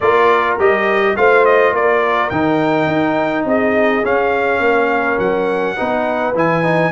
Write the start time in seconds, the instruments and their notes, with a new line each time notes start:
0.00 tuba A#3, trombone F4, horn A#4, trumpet D5
0.58 tuba G3, trombone G4, trumpet D#5
1.16 tuba A3, trombone F4, horn C5, trumpet F5
1.45 trumpet D#5
1.71 tuba A#3, horn A#4, trumpet D5
2.29 tuba D#3, trombone D#4, trumpet G5
2.87 tuba D#4
3.44 tuba C4, horn G#4, trumpet D#5
4.03 trombone C#4, tuba C#4, trumpet F5
4.59 tuba A#3, horn A#4
5.18 tuba F#3, trumpet F#5
5.76 tuba B3, trombone D#4, horn B4
6.34 tuba E3, trombone E4, trumpet G#5
6.63 trombone D#4